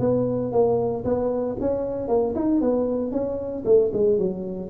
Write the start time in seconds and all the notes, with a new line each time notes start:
0.00 B3
0.52 A#3
1.05 B3
1.61 C#4
2.08 A#3
2.35 D#4
2.61 B3
3.12 C#4
3.65 A3
3.94 G#3
4.19 F#3